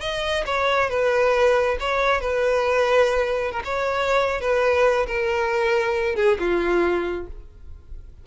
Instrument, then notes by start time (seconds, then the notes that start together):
violin
0.00 D#5
0.46 C#5
0.89 B4
1.80 C#5
2.21 B4
3.51 A#4
3.64 C#5
4.41 B4
5.07 A#4
6.16 G#4
6.39 F4